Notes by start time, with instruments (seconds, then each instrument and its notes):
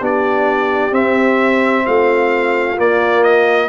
0.00 tuba B3, trombone D4, horn G4, trumpet D5
0.92 tuba C4, trombone C4, trumpet E5
1.86 tuba A3, horn F4, trumpet F5
2.77 trombone A#3, tuba A#3, trumpet D5
3.23 trumpet D#5